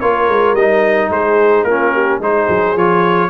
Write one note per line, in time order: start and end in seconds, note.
0.00 0.28 A#3
0.00 0.57 F4
0.00 1.10 A#4
0.00 0.55 C#5
0.28 0.53 G#3
0.53 1.08 G3
0.53 1.69 D#4
0.53 1.10 D#5
1.09 1.63 G#3
1.09 1.65 G#4
1.09 1.64 C5
1.63 2.18 A#3
1.63 2.21 C#4
1.63 1.93 F4
1.63 2.19 A#4
1.93 2.19 G4
2.19 2.47 G#3
2.19 2.76 D#4
2.19 3.29 G#4
2.19 2.77 C5
2.48 2.75 F#3
2.75 3.30 F3
2.75 3.30 F4
2.75 3.30 C#5